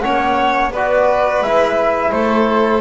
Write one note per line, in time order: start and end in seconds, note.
0.00 0.72 A#3
0.00 0.73 C#4
0.00 0.72 C#5
0.00 0.70 F#5
0.72 1.41 B3
0.72 1.45 F#4
0.72 2.11 B4
0.72 1.43 D5
1.41 2.11 G#3
1.41 2.81 E4
1.41 2.12 E5
2.12 2.81 A3
2.12 2.81 A4
2.12 2.81 C5